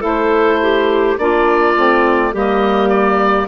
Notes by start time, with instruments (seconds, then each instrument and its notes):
0.00 bassoon A3, saxophone E4, clarinet A4, oboe C5
0.62 clarinet G4
1.17 bassoon A#3, saxophone D4, clarinet F4, oboe D5
1.76 bassoon A3, saxophone C4
2.32 bassoon G3, saxophone A#3, clarinet G4, oboe D#5
2.89 oboe D5